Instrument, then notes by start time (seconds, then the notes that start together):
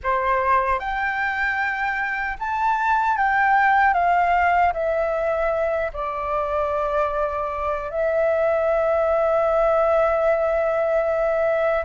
flute
0.03 C5
0.79 G5
2.39 A5
3.17 G5
3.93 F5
4.73 E5
5.93 D5
7.90 E5